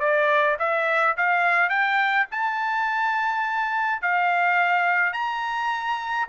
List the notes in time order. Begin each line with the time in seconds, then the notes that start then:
0.00 D5
0.59 E5
1.17 F5
1.69 G5
2.31 A5
4.02 F5
5.13 A#5